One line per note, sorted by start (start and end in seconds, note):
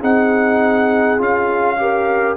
0.00 1.20 C4
0.00 1.18 D#4
0.00 1.76 G#4
0.00 1.21 F#5
1.18 2.37 C#4
1.18 1.77 F4
1.18 2.37 F5
1.78 2.37 G4
1.78 2.37 A#4